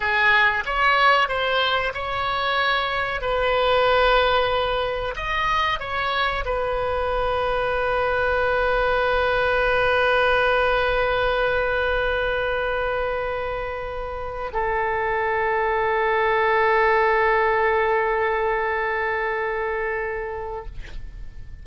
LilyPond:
\new Staff \with { instrumentName = "oboe" } { \time 4/4 \tempo 4 = 93 gis'4 cis''4 c''4 cis''4~ | cis''4 b'2. | dis''4 cis''4 b'2~ | b'1~ |
b'1~ | b'2~ b'8 a'4.~ | a'1~ | a'1 | }